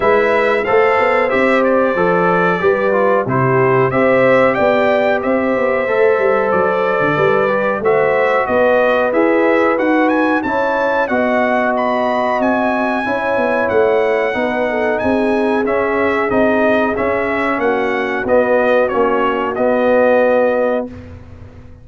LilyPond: <<
  \new Staff \with { instrumentName = "trumpet" } { \time 4/4 \tempo 4 = 92 e''4 f''4 e''8 d''4.~ | d''4 c''4 e''4 g''4 | e''2 d''2 | e''4 dis''4 e''4 fis''8 gis''8 |
a''4 fis''4 b''4 gis''4~ | gis''4 fis''2 gis''4 | e''4 dis''4 e''4 fis''4 | dis''4 cis''4 dis''2 | }
  \new Staff \with { instrumentName = "horn" } { \time 4/4 b'4 c''2. | b'4 g'4 c''4 d''4 | c''2. b'4 | c''4 b'2. |
cis''4 dis''2. | cis''2 b'8 a'8 gis'4~ | gis'2. fis'4~ | fis'1 | }
  \new Staff \with { instrumentName = "trombone" } { \time 4/4 e'4 a'4 g'4 a'4 | g'8 f'8 e'4 g'2~ | g'4 a'2~ a'8 g'8 | fis'2 gis'4 fis'4 |
e'4 fis'2. | e'2 dis'2 | cis'4 dis'4 cis'2 | b4 cis'4 b2 | }
  \new Staff \with { instrumentName = "tuba" } { \time 4/4 gis4 a8 b8 c'4 f4 | g4 c4 c'4 b4 | c'8 b8 a8 g8 fis8. d16 g4 | a4 b4 e'4 dis'4 |
cis'4 b2 c'4 | cis'8 b8 a4 b4 c'4 | cis'4 c'4 cis'4 ais4 | b4 ais4 b2 | }
>>